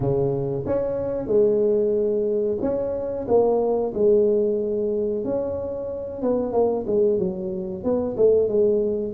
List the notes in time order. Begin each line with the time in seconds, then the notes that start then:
0.00 C#3
0.66 C#4
1.27 G#3
2.61 C#4
3.28 A#3
3.94 G#3
5.24 C#4
6.22 B3
6.52 A#3
6.87 G#3
7.19 F#3
7.83 B3
8.17 A3
8.48 G#3